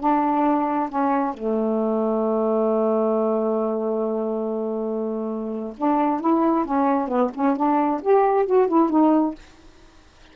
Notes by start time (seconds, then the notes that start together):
0.00 D4
0.89 C#4
1.34 A3
5.77 D4
6.21 E4
6.65 C#4
7.08 B3
7.35 C#4
7.56 D4
8.02 G4
8.46 F#4
8.68 E4
8.90 D#4